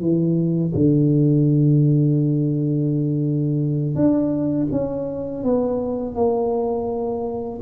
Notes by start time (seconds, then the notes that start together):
0.00 E3
0.74 D3
3.95 D4
4.71 C#4
5.43 B3
6.15 A#3